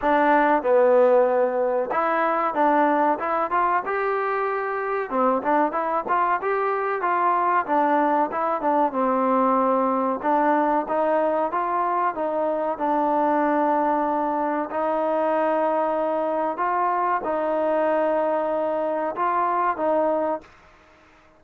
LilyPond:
\new Staff \with { instrumentName = "trombone" } { \time 4/4 \tempo 4 = 94 d'4 b2 e'4 | d'4 e'8 f'8 g'2 | c'8 d'8 e'8 f'8 g'4 f'4 | d'4 e'8 d'8 c'2 |
d'4 dis'4 f'4 dis'4 | d'2. dis'4~ | dis'2 f'4 dis'4~ | dis'2 f'4 dis'4 | }